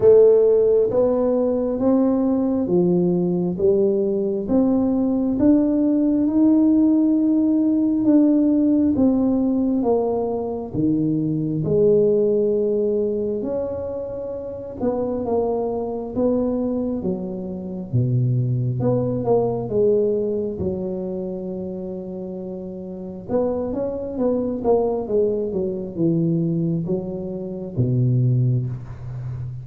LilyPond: \new Staff \with { instrumentName = "tuba" } { \time 4/4 \tempo 4 = 67 a4 b4 c'4 f4 | g4 c'4 d'4 dis'4~ | dis'4 d'4 c'4 ais4 | dis4 gis2 cis'4~ |
cis'8 b8 ais4 b4 fis4 | b,4 b8 ais8 gis4 fis4~ | fis2 b8 cis'8 b8 ais8 | gis8 fis8 e4 fis4 b,4 | }